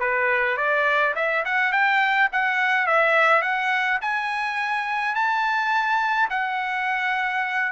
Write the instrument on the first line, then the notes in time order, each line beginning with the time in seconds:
trumpet
0.00 B4
0.57 D5
1.16 E5
1.45 F#5
1.72 G5
2.32 F#5
2.86 E5
3.42 F#5
4.02 G#5
5.15 A5
6.30 F#5